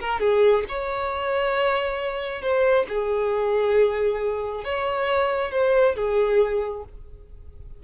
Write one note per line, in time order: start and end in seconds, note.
0.00 0.20 A#4
0.20 0.64 G#4
0.68 2.41 C#5
2.41 2.86 C5
2.88 4.64 G#4
4.64 5.51 C#5
5.51 5.95 C5
5.95 6.83 G#4